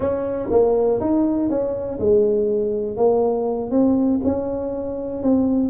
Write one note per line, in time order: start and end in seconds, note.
0.00 0.49 C#4
0.50 1.00 A#3
1.00 1.49 D#4
1.49 1.99 C#4
1.99 2.96 G#3
2.96 3.71 A#3
3.71 4.20 C4
4.24 5.22 C#4
5.22 5.69 C4